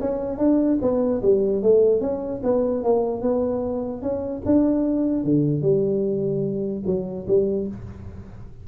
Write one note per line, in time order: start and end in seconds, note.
0.00 0.38 C#4
0.38 0.78 D4
0.81 1.22 B3
1.22 1.62 G3
1.62 2.01 A3
2.01 2.41 C#4
2.43 2.83 B3
2.83 3.21 A#3
3.21 4.02 B3
4.02 4.42 C#4
4.45 5.24 D4
5.24 5.62 D3
5.62 6.82 G3
6.86 7.26 F#3
7.27 7.67 G3